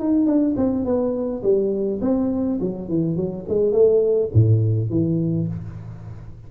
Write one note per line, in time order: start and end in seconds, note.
0.00 0.27 D#4
0.27 0.56 D4
0.57 0.85 C4
0.85 1.43 B3
1.44 2.01 G3
2.02 2.60 C4
2.61 2.89 F#3
2.89 3.17 E3
3.17 3.46 F#3
3.49 3.73 G#3
3.73 4.30 A3
4.34 4.90 A2
4.90 5.48 E3